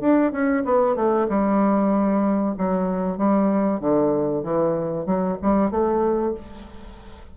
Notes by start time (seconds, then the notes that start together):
0.00 D4
0.32 C#4
0.64 B3
0.95 A3
1.28 G3
2.57 F#3
3.17 G3
3.80 D3
4.43 E3
5.05 F#3
5.41 G3
5.70 A3